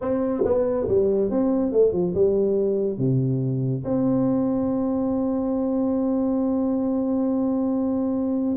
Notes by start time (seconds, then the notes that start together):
0.01 C4
0.44 B3
0.87 G3
1.30 C4
1.72 A3
1.92 F3
2.14 G3
2.98 C3
3.84 C4